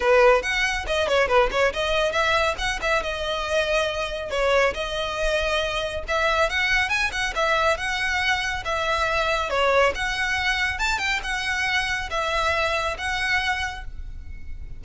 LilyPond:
\new Staff \with { instrumentName = "violin" } { \time 4/4 \tempo 4 = 139 b'4 fis''4 dis''8 cis''8 b'8 cis''8 | dis''4 e''4 fis''8 e''8 dis''4~ | dis''2 cis''4 dis''4~ | dis''2 e''4 fis''4 |
gis''8 fis''8 e''4 fis''2 | e''2 cis''4 fis''4~ | fis''4 a''8 g''8 fis''2 | e''2 fis''2 | }